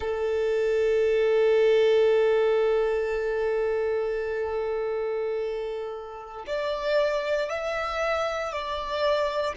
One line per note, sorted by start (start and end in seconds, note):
0.00 6.45 A4
6.47 7.49 D5
7.49 8.52 E5
8.52 9.55 D5